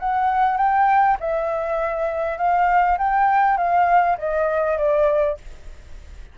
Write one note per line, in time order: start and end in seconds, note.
0.00 0.57 F#5
0.57 1.17 G5
1.20 2.38 E5
2.38 2.98 F5
2.98 3.57 G5
3.57 4.17 F5
4.18 4.78 D#5
4.78 5.38 D5